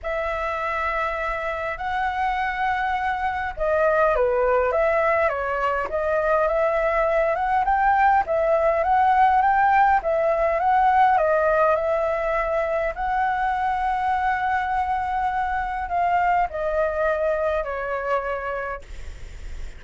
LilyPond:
\new Staff \with { instrumentName = "flute" } { \time 4/4 \tempo 4 = 102 e''2. fis''4~ | fis''2 dis''4 b'4 | e''4 cis''4 dis''4 e''4~ | e''8 fis''8 g''4 e''4 fis''4 |
g''4 e''4 fis''4 dis''4 | e''2 fis''2~ | fis''2. f''4 | dis''2 cis''2 | }